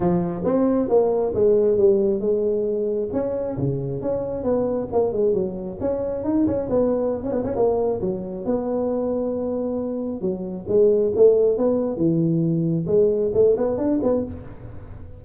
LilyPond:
\new Staff \with { instrumentName = "tuba" } { \time 4/4 \tempo 4 = 135 f4 c'4 ais4 gis4 | g4 gis2 cis'4 | cis4 cis'4 b4 ais8 gis8 | fis4 cis'4 dis'8 cis'8 b4~ |
b16 cis'16 b16 cis'16 ais4 fis4 b4~ | b2. fis4 | gis4 a4 b4 e4~ | e4 gis4 a8 b8 d'8 b8 | }